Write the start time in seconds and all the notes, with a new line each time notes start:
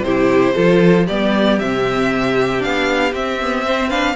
0.00 C3 E4 G4 C5
0.54 F3 F4 A4
1.06 G3 B3 G4 D5
1.59 C3 C4 E5
2.59 B3 D4 F5
3.13 C4 E5
3.40 B3
3.65 C4 C5
3.88 D4 B4 F5